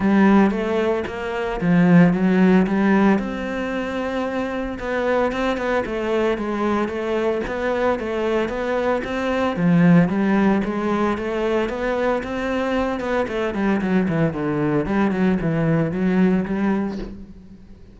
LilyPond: \new Staff \with { instrumentName = "cello" } { \time 4/4 \tempo 4 = 113 g4 a4 ais4 f4 | fis4 g4 c'2~ | c'4 b4 c'8 b8 a4 | gis4 a4 b4 a4 |
b4 c'4 f4 g4 | gis4 a4 b4 c'4~ | c'8 b8 a8 g8 fis8 e8 d4 | g8 fis8 e4 fis4 g4 | }